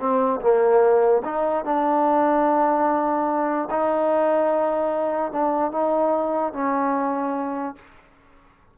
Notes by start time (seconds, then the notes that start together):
0.00 C4
0.41 A#3
1.25 D#4
1.65 D4
3.71 D#4
5.32 D4
5.72 D#4
6.53 C#4